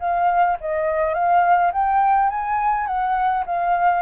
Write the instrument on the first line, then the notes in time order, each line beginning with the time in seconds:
flute
0.00 F5
0.61 D#5
1.14 F5
1.73 G5
2.30 G#5
2.87 F#5
3.46 F5